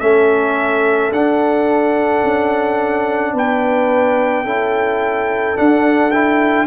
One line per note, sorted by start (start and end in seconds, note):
0.00 1.11 A3
0.00 1.12 C#4
0.00 3.34 A4
0.00 1.11 E5
1.12 2.23 D4
1.12 4.46 D4
1.12 3.35 F#5
2.24 3.33 C#4
3.33 4.44 B3
3.33 4.44 B4
3.33 5.57 G5
4.44 5.55 C#4
4.44 5.56 E4
4.44 6.67 A4
5.56 6.11 D4
5.56 6.67 D4
5.56 6.11 F#5
6.11 6.67 E4
6.11 6.66 G5